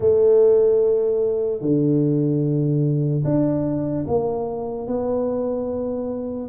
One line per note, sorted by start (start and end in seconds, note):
0.00 1.61 A3
1.61 3.23 D3
3.24 4.05 D4
4.07 4.87 A#3
4.87 6.49 B3